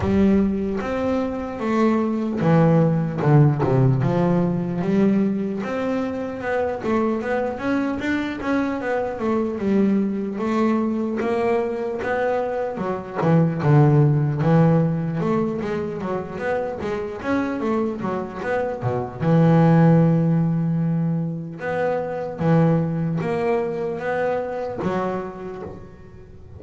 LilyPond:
\new Staff \with { instrumentName = "double bass" } { \time 4/4 \tempo 4 = 75 g4 c'4 a4 e4 | d8 c8 f4 g4 c'4 | b8 a8 b8 cis'8 d'8 cis'8 b8 a8 | g4 a4 ais4 b4 |
fis8 e8 d4 e4 a8 gis8 | fis8 b8 gis8 cis'8 a8 fis8 b8 b,8 | e2. b4 | e4 ais4 b4 fis4 | }